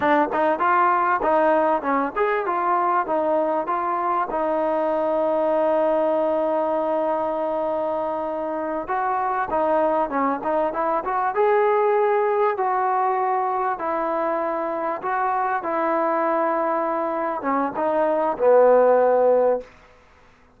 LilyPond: \new Staff \with { instrumentName = "trombone" } { \time 4/4 \tempo 4 = 98 d'8 dis'8 f'4 dis'4 cis'8 gis'8 | f'4 dis'4 f'4 dis'4~ | dis'1~ | dis'2~ dis'8 fis'4 dis'8~ |
dis'8 cis'8 dis'8 e'8 fis'8 gis'4.~ | gis'8 fis'2 e'4.~ | e'8 fis'4 e'2~ e'8~ | e'8 cis'8 dis'4 b2 | }